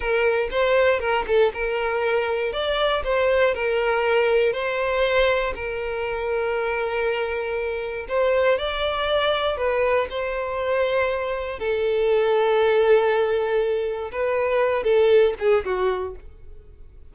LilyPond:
\new Staff \with { instrumentName = "violin" } { \time 4/4 \tempo 4 = 119 ais'4 c''4 ais'8 a'8 ais'4~ | ais'4 d''4 c''4 ais'4~ | ais'4 c''2 ais'4~ | ais'1 |
c''4 d''2 b'4 | c''2. a'4~ | a'1 | b'4. a'4 gis'8 fis'4 | }